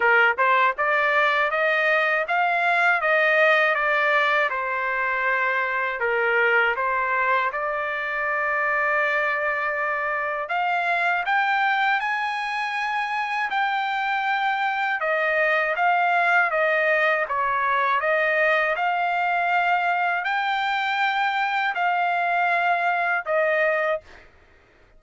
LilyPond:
\new Staff \with { instrumentName = "trumpet" } { \time 4/4 \tempo 4 = 80 ais'8 c''8 d''4 dis''4 f''4 | dis''4 d''4 c''2 | ais'4 c''4 d''2~ | d''2 f''4 g''4 |
gis''2 g''2 | dis''4 f''4 dis''4 cis''4 | dis''4 f''2 g''4~ | g''4 f''2 dis''4 | }